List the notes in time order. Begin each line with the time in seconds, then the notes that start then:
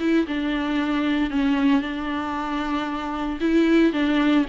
0.00 E4
0.27 D4
1.31 C#4
1.81 D4
3.40 E4
3.93 D4